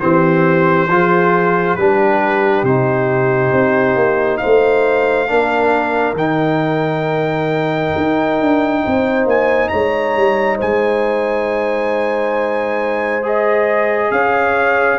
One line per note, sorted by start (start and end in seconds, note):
0.00 0.88 E3
0.00 0.89 C4
0.00 0.90 G4
0.00 1.76 C5
0.88 1.76 F3
0.88 1.78 F4
0.88 1.79 G#4
1.76 2.63 G3
1.76 2.66 D4
1.76 4.41 G4
1.76 2.65 B4
2.63 3.51 C3
2.63 5.28 D#4
2.63 4.38 C5
3.53 3.96 C4
3.96 4.40 A#3
4.38 5.29 C5
4.38 6.14 F5
4.45 5.30 A3
5.28 6.14 A#3
5.28 6.16 D4
5.28 8.84 A#4
6.14 7.91 D#3
6.14 13.23 D#4
6.14 9.27 G5
7.97 8.41 D#4
8.41 8.85 D4
8.84 9.26 C4
8.84 9.72 C5
9.26 9.70 A#3
9.26 9.69 G#5
9.69 10.17 G#3
9.69 10.58 C#5
9.69 10.57 A#5
10.17 10.61 G3
10.58 14.11 G#3
10.58 14.10 C5
10.58 13.26 G#5
13.23 15.00 G#4
13.23 14.12 D#5
14.11 15.00 C#4
14.11 15.00 C#5
14.11 15.00 F5